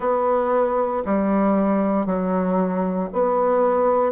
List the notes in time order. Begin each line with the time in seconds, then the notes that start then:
0.00 B3
1.05 G3
2.05 F#3
3.12 B3